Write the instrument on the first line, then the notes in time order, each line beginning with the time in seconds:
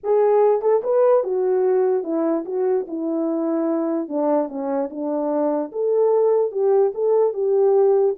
horn
0.03 G#4
0.61 A4
0.83 B4
1.23 F#4
2.03 E4
2.45 F#4
2.87 E4
4.08 D4
4.48 C#4
4.90 D4
5.72 A4
6.51 G4
6.94 A4
7.33 G4